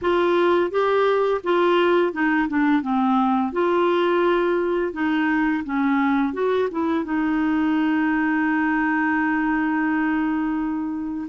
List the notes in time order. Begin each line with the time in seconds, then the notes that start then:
0.01 F4
0.70 G4
1.43 F4
2.12 D#4
2.48 D4
2.82 C4
3.52 F4
4.93 D#4
5.64 C#4
6.33 F#4
6.71 E4
7.04 D#4